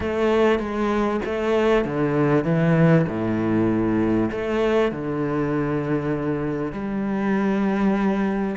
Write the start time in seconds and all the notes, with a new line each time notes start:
0.00 A3
0.59 G#3
1.25 A3
1.85 D3
2.44 E3
3.08 A2
4.31 A3
4.91 D3
6.72 G3